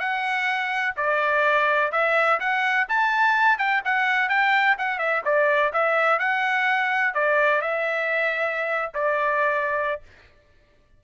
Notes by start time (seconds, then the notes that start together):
0.00 F#5
0.97 D5
1.92 E5
2.40 F#5
2.89 A5
3.58 G5
3.85 F#5
4.29 G5
4.79 F#5
4.99 E5
5.25 D5
5.73 E5
6.19 F#5
7.14 D5
7.61 E5
8.94 D5